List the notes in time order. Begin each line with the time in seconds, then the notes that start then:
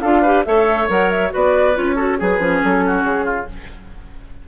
0.00 D4 F4 A4 F5
0.21 G4 B4
0.44 A3 A4 C#5 E5
0.88 F#3 A#4 F#5
1.10 E5
1.30 B3 F#4 B4 D5
1.74 C#4 F4 C#5
1.95 F#4 A4
2.18 F#3 G#4 B4
2.38 F3 C#4
2.63 F#3 A4
2.86 F#4
3.03 C#3 G#4
3.24 F4